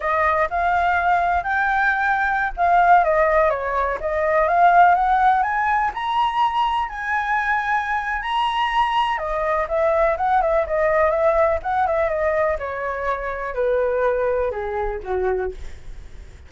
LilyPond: \new Staff \with { instrumentName = "flute" } { \time 4/4 \tempo 4 = 124 dis''4 f''2 g''4~ | g''4~ g''16 f''4 dis''4 cis''8.~ | cis''16 dis''4 f''4 fis''4 gis''8.~ | gis''16 ais''2 gis''4.~ gis''16~ |
gis''4 ais''2 dis''4 | e''4 fis''8 e''8 dis''4 e''4 | fis''8 e''8 dis''4 cis''2 | b'2 gis'4 fis'4 | }